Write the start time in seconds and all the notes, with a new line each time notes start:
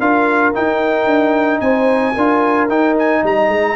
0.00 D4 F4 A#4 F5
0.54 D#4 G5
1.06 D4
1.60 C4 C5 G#5
2.14 D4 F4 A#4
2.68 D#4 G5
2.99 G#5
3.22 G3 D#5 A#5
3.48 G#3